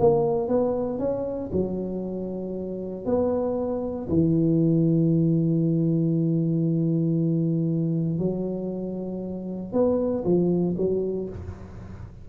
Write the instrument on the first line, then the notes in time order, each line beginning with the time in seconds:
tuba
0.00 A#3
0.48 B3
0.99 C#4
1.52 F#3
3.06 B3
4.09 E3
8.19 F#3
9.73 B3
10.24 F3
10.78 F#3